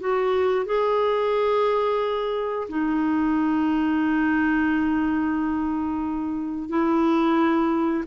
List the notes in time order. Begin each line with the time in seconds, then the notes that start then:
0.00 F#4
0.66 G#4
2.69 D#4
6.69 E4